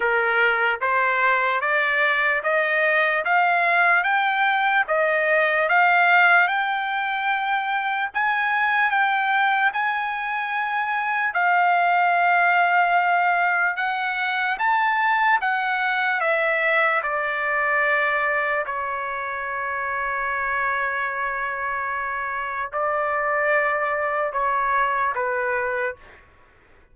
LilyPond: \new Staff \with { instrumentName = "trumpet" } { \time 4/4 \tempo 4 = 74 ais'4 c''4 d''4 dis''4 | f''4 g''4 dis''4 f''4 | g''2 gis''4 g''4 | gis''2 f''2~ |
f''4 fis''4 a''4 fis''4 | e''4 d''2 cis''4~ | cis''1 | d''2 cis''4 b'4 | }